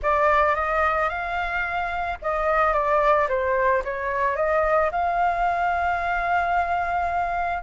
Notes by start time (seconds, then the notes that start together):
0.02 D5
0.55 D#5
1.09 F5
2.22 D#5
2.73 D5
3.28 C5
3.84 C#5
4.36 D#5
4.91 F5